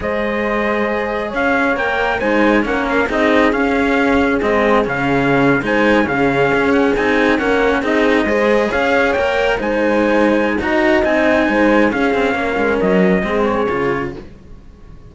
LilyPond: <<
  \new Staff \with { instrumentName = "trumpet" } { \time 4/4 \tempo 4 = 136 dis''2. f''4 | g''4 gis''4 fis''8 f''8 dis''4 | f''2 dis''4 f''4~ | f''8. gis''4 f''4. fis''8 gis''16~ |
gis''8. fis''4 dis''2 f''16~ | f''8. g''4 gis''2~ gis''16 | ais''4 gis''2 f''4~ | f''4 dis''4. cis''4. | }
  \new Staff \with { instrumentName = "horn" } { \time 4/4 c''2. cis''4~ | cis''4 c''4 ais'4 gis'4~ | gis'1~ | gis'8. c''4 gis'2~ gis'16~ |
gis'8. ais'4 gis'4 c''4 cis''16~ | cis''4.~ cis''16 c''2~ c''16 | dis''2 c''4 gis'4 | ais'2 gis'2 | }
  \new Staff \with { instrumentName = "cello" } { \time 4/4 gis'1 | ais'4 dis'4 cis'4 dis'4 | cis'2 c'4 cis'4~ | cis'8. dis'4 cis'2 dis'16~ |
dis'8. cis'4 dis'4 gis'4~ gis'16~ | gis'8. ais'4 dis'2~ dis'16 | fis'4 dis'2 cis'4~ | cis'2 c'4 f'4 | }
  \new Staff \with { instrumentName = "cello" } { \time 4/4 gis2. cis'4 | ais4 gis4 ais4 c'4 | cis'2 gis4 cis4~ | cis8. gis4 cis4 cis'4 c'16~ |
c'8. ais4 c'4 gis4 cis'16~ | cis'8. ais4 gis2~ gis16 | dis'4 c'4 gis4 cis'8 c'8 | ais8 gis8 fis4 gis4 cis4 | }
>>